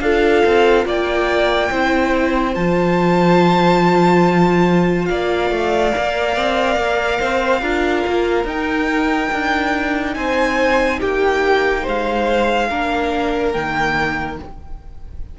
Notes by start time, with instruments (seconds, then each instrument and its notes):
0.00 cello D4, viola F4, violin A4 F5
0.45 cello C4
0.85 cello A#3, violin D5 G5
1.70 cello C4, viola E4, violin C5
2.55 cello F3, viola F4, violin A5
5.05 cello A#3, violin D5 F5
5.50 cello A3
5.92 cello A#3, viola A#4
6.36 cello C4
6.76 cello A#3
7.19 cello C4, violin C5
7.61 cello D4, viola F4, violin A#4
8.07 cello A#3
8.44 cello D#4, viola D#4, violin G5
9.32 cello D4
10.14 cello C4, violin C5 G#5
10.99 cello A#3, violin G4 G5
11.83 cello G#3, violin C5 F5
12.70 cello A#3, viola D4, violin A#4
13.52 cello D#3, viola A#3, violin G5